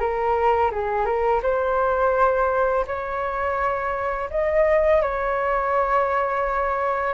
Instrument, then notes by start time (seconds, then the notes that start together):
flute
0.00 A#4
0.72 G#4
1.06 A#4
1.43 C5
2.87 C#5
4.31 D#5
5.02 C#5